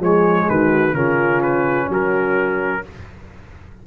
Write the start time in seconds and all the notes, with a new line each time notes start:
0.00 F3 G#3 G#4 C#5
0.49 D#3 F#4 B4
0.93 C#3 C#4 F4 A#4
1.43 B4
1.88 F#3 F#4 A#4